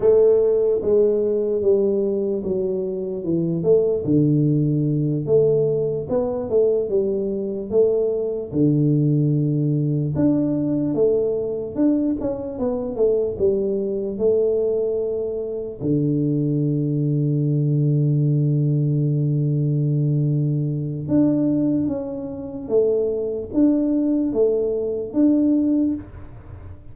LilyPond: \new Staff \with { instrumentName = "tuba" } { \time 4/4 \tempo 4 = 74 a4 gis4 g4 fis4 | e8 a8 d4. a4 b8 | a8 g4 a4 d4.~ | d8 d'4 a4 d'8 cis'8 b8 |
a8 g4 a2 d8~ | d1~ | d2 d'4 cis'4 | a4 d'4 a4 d'4 | }